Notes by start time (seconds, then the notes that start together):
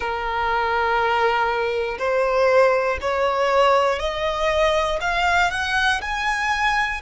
0.00 A#4
1.98 C5
3.01 C#5
3.99 D#5
5.00 F5
5.50 F#5
6.00 G#5